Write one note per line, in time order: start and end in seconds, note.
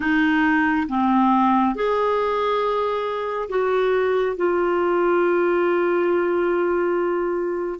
0.00 0.87 D#4
0.88 1.75 C4
1.75 3.49 G#4
3.49 4.36 F#4
4.36 7.79 F4